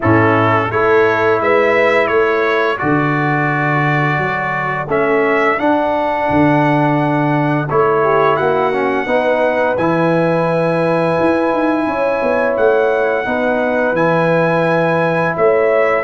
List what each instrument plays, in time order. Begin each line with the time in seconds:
0.00 tuba A2, trombone C#4, horn E4, trumpet A4
0.70 tuba A3, trombone E4, horn A4, trumpet C#5
1.40 tuba G#3, horn B4, trumpet E5
2.07 tuba A3, horn A4, trumpet C#5
2.77 tuba D3, trombone F#4, trumpet D5
4.17 tuba F#3
4.88 tuba A3, trombone C#4, trumpet E5
5.58 trombone D4, tuba D4, trumpet F#5
6.30 tuba D3
7.69 tuba A3, trombone E4, trumpet C#5
8.02 horn G4
8.36 tuba A#3, horn F#4, trumpet F#5
8.72 trombone C#4
9.06 tuba B3, trombone D#4, horn B4
9.77 tuba E3, trombone E4, trumpet G#5
11.19 tuba E4
11.52 tuba D#4
11.86 tuba C#4, horn C#5
12.22 tuba B3
12.56 tuba A3, trumpet F#5
13.25 tuba B3, trombone D#4, horn B4
13.92 tuba E3, trombone E4, trumpet G#5
15.36 tuba A3, horn C#5, trumpet E5